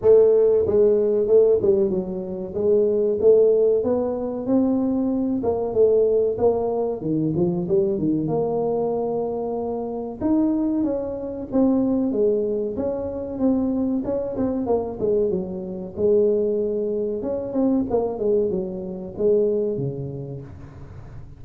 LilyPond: \new Staff \with { instrumentName = "tuba" } { \time 4/4 \tempo 4 = 94 a4 gis4 a8 g8 fis4 | gis4 a4 b4 c'4~ | c'8 ais8 a4 ais4 dis8 f8 | g8 dis8 ais2. |
dis'4 cis'4 c'4 gis4 | cis'4 c'4 cis'8 c'8 ais8 gis8 | fis4 gis2 cis'8 c'8 | ais8 gis8 fis4 gis4 cis4 | }